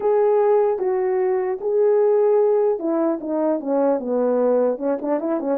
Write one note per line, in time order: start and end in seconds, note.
0.00 0.78 G#4
0.78 1.58 F#4
1.61 2.79 G#4
2.79 3.19 E4
3.21 3.59 D#4
3.59 3.99 C#4
3.99 4.78 B3
4.78 4.98 C#4
5.01 5.20 D4
5.20 5.39 E4
5.39 5.57 C#4